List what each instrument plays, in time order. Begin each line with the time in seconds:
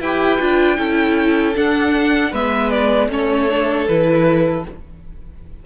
0.00 cello E4, viola G4, violin B4 G5
0.40 cello D4, viola F4
0.76 cello C#4, viola E4, violin A4
1.55 viola D4, cello D4, violin F#5
2.31 cello G#3, viola B3, violin B4 E5
2.70 violin D5
3.08 cello A3, viola C#4, violin A4 C#5
3.49 viola D4
3.88 cello E3, viola E4, violin B4